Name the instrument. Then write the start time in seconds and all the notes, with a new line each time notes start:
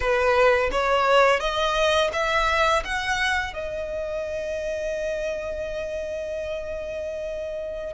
violin
0.00 B4
0.71 C#5
1.39 D#5
2.12 E5
2.84 F#5
3.53 D#5